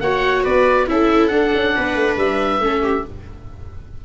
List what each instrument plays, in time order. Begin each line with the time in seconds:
0.00 tuba A#3, viola F#4 C#5, oboe F#5
0.44 tuba B3, viola B4, oboe D5
0.87 tuba C#4, viola E4 A4, oboe E5
1.27 viola D4, tuba D4, oboe F#5
1.54 tuba C#4
1.76 tuba B3, viola B4
1.95 tuba A3
2.17 tuba G3, oboe E5
2.60 tuba A3, viola C#4 A4
2.82 viola G4